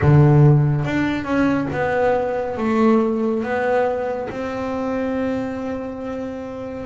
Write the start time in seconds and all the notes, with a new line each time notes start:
0.01 D3
0.84 D4
1.24 C#4
1.72 B3
2.57 A3
3.43 B3
4.29 C4